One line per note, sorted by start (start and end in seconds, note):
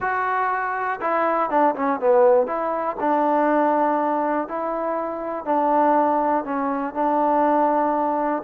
0.00 1.00 F#4
1.01 1.50 E4
1.50 1.75 D4
1.75 1.99 C#4
2.00 2.47 B3
2.47 2.96 E4
3.00 4.47 D4
4.47 5.45 E4
5.45 6.44 D4
6.44 6.94 C#4
6.94 8.43 D4